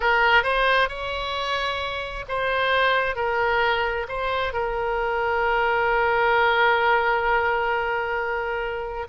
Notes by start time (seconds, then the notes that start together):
0.00 A#4
0.43 C5
0.89 C#5
2.28 C5
3.15 A#4
4.08 C5
4.53 A#4